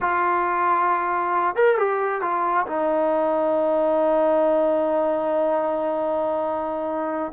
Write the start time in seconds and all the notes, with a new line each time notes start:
0.00 F4
1.55 A#4
1.78 G4
2.21 F4
2.66 D#4